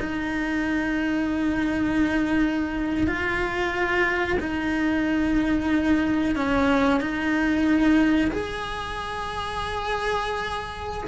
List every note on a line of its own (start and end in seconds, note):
0.00 3.07 D#4
3.07 4.38 F4
4.40 6.36 D#4
6.36 7.00 C#4
7.00 8.31 D#4
8.31 11.08 G#4